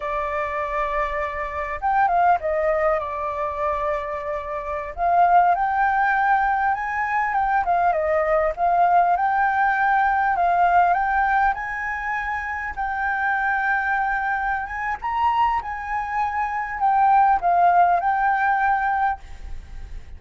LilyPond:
\new Staff \with { instrumentName = "flute" } { \time 4/4 \tempo 4 = 100 d''2. g''8 f''8 | dis''4 d''2.~ | d''16 f''4 g''2 gis''8.~ | gis''16 g''8 f''8 dis''4 f''4 g''8.~ |
g''4~ g''16 f''4 g''4 gis''8.~ | gis''4~ gis''16 g''2~ g''8.~ | g''8 gis''8 ais''4 gis''2 | g''4 f''4 g''2 | }